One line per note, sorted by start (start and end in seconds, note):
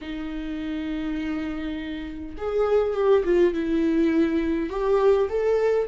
0.01 2.36 D#4
2.37 2.94 G#4
2.94 3.23 G4
3.24 3.53 F4
3.53 4.69 E4
4.69 5.28 G4
5.29 5.87 A4